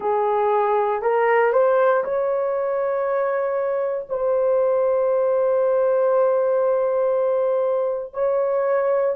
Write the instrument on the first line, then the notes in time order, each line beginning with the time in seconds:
horn
0.00 G#4
1.02 A#4
1.53 C5
2.03 C#5
4.09 C5
8.13 C#5